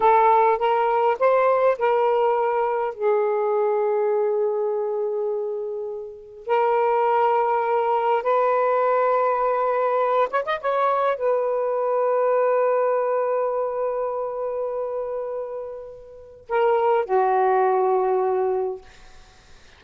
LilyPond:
\new Staff \with { instrumentName = "saxophone" } { \time 4/4 \tempo 4 = 102 a'4 ais'4 c''4 ais'4~ | ais'4 gis'2.~ | gis'2. ais'4~ | ais'2 b'2~ |
b'4. cis''16 dis''16 cis''4 b'4~ | b'1~ | b'1 | ais'4 fis'2. | }